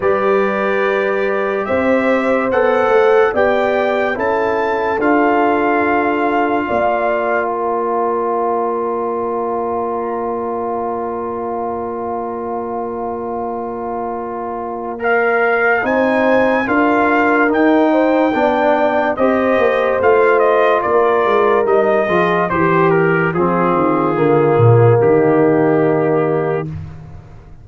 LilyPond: <<
  \new Staff \with { instrumentName = "trumpet" } { \time 4/4 \tempo 4 = 72 d''2 e''4 fis''4 | g''4 a''4 f''2~ | f''4 ais''2.~ | ais''1~ |
ais''2 f''4 gis''4 | f''4 g''2 dis''4 | f''8 dis''8 d''4 dis''4 c''8 ais'8 | gis'2 g'2 | }
  \new Staff \with { instrumentName = "horn" } { \time 4/4 b'2 c''2 | d''4 a'2. | d''4 cis''2.~ | cis''1~ |
cis''2. c''4 | ais'4. c''8 d''4 c''4~ | c''4 ais'4. gis'8 g'4 | f'2 dis'2 | }
  \new Staff \with { instrumentName = "trombone" } { \time 4/4 g'2. a'4 | g'4 e'4 f'2~ | f'1~ | f'1~ |
f'2 ais'4 dis'4 | f'4 dis'4 d'4 g'4 | f'2 dis'8 f'8 g'4 | c'4 ais2. | }
  \new Staff \with { instrumentName = "tuba" } { \time 4/4 g2 c'4 b8 a8 | b4 cis'4 d'2 | ais1~ | ais1~ |
ais2. c'4 | d'4 dis'4 b4 c'8 ais8 | a4 ais8 gis8 g8 f8 e4 | f8 dis8 d8 ais,8 dis2 | }
>>